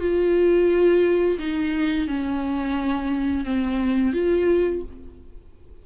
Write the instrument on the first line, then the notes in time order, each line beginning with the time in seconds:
viola
0.00 F4
1.39 D#4
2.08 C#4
3.45 C4
4.13 F4